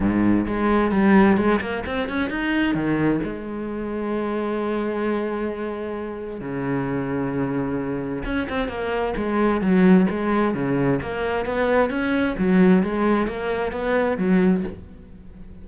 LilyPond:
\new Staff \with { instrumentName = "cello" } { \time 4/4 \tempo 4 = 131 gis,4 gis4 g4 gis8 ais8 | c'8 cis'8 dis'4 dis4 gis4~ | gis1~ | gis2 cis2~ |
cis2 cis'8 c'8 ais4 | gis4 fis4 gis4 cis4 | ais4 b4 cis'4 fis4 | gis4 ais4 b4 fis4 | }